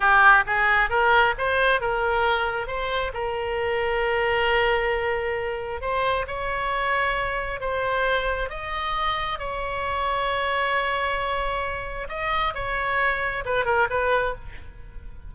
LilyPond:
\new Staff \with { instrumentName = "oboe" } { \time 4/4 \tempo 4 = 134 g'4 gis'4 ais'4 c''4 | ais'2 c''4 ais'4~ | ais'1~ | ais'4 c''4 cis''2~ |
cis''4 c''2 dis''4~ | dis''4 cis''2.~ | cis''2. dis''4 | cis''2 b'8 ais'8 b'4 | }